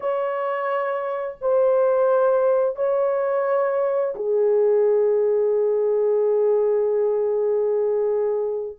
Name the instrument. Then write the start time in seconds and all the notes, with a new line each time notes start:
horn
0.00 C#5
1.41 C5
2.76 C#5
4.15 G#4